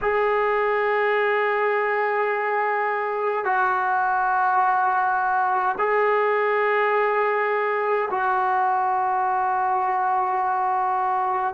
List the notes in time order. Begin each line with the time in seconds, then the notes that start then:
0.01 G#4
3.44 F#4
5.78 G#4
8.10 F#4